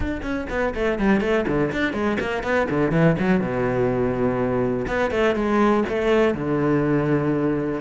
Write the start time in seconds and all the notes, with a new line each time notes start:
0.00 D4
0.22 C#4
0.49 B3
0.74 A3
0.98 G3
1.20 A3
1.47 D3
1.72 D4
1.93 G#3
2.20 A#3
2.43 B3
2.70 D3
2.91 E3
3.19 F#3
3.40 B2
4.87 B3
5.10 A3
5.35 G#3
5.88 A3
6.34 D3